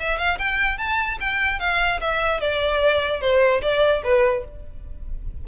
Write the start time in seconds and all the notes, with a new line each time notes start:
0.00 E5
0.18 F5
0.39 G5
0.78 A5
1.20 G5
1.60 F5
2.01 E5
2.40 D5
3.21 C5
3.62 D5
4.04 B4